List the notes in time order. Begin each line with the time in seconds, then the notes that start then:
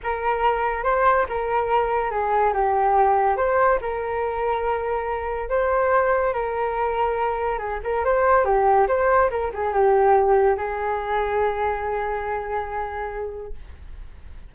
0.03 A#4
0.83 C5
1.28 A#4
2.10 G#4
2.53 G4
3.36 C5
3.81 A#4
5.49 C5
6.33 A#4
7.58 G#4
7.83 A#4
8.05 C5
8.44 G4
8.87 C5
9.30 A#4
9.53 G#4
9.73 G4
10.57 G#4